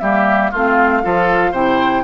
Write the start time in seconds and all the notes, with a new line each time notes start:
0.00 G3 A#3 G4 E5
0.51 A3 C4 F4 F5
1.03 F3 F4 A4
1.51 C3 E4 C5 G5